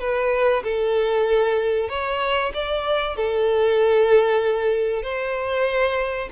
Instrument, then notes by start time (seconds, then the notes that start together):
violin
0.00 B4
0.64 A4
1.89 C#5
2.54 D5
3.17 A4
5.03 C5